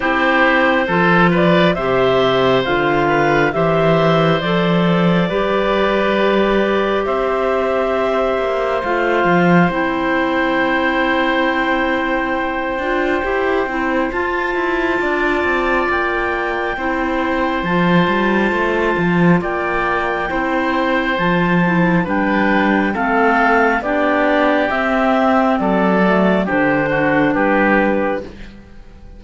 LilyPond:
<<
  \new Staff \with { instrumentName = "clarinet" } { \time 4/4 \tempo 4 = 68 c''4. d''8 e''4 f''4 | e''4 d''2. | e''2 f''4 g''4~ | g''1 |
a''2 g''2 | a''2 g''2 | a''4 g''4 f''4 d''4 | e''4 d''4 c''4 b'4 | }
  \new Staff \with { instrumentName = "oboe" } { \time 4/4 g'4 a'8 b'8 c''4. b'8 | c''2 b'2 | c''1~ | c''1~ |
c''4 d''2 c''4~ | c''2 d''4 c''4~ | c''4 b'4 a'4 g'4~ | g'4 a'4 g'8 fis'8 g'4 | }
  \new Staff \with { instrumentName = "clarinet" } { \time 4/4 e'4 f'4 g'4 f'4 | g'4 a'4 g'2~ | g'2 f'4 e'4~ | e'2~ e'8 f'8 g'8 e'8 |
f'2. e'4 | f'2. e'4 | f'8 e'8 d'4 c'4 d'4 | c'4. a8 d'2 | }
  \new Staff \with { instrumentName = "cello" } { \time 4/4 c'4 f4 c4 d4 | e4 f4 g2 | c'4. ais8 a8 f8 c'4~ | c'2~ c'8 d'8 e'8 c'8 |
f'8 e'8 d'8 c'8 ais4 c'4 | f8 g8 a8 f8 ais4 c'4 | f4 g4 a4 b4 | c'4 fis4 d4 g4 | }
>>